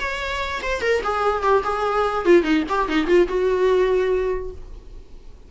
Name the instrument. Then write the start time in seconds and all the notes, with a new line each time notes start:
viola
0.00 C#5
0.63 C5
0.82 A#4
1.03 G#4
1.43 G4
1.64 G#4
2.26 F4
2.43 D#4
2.69 G4
2.89 D#4
3.07 F4
3.28 F#4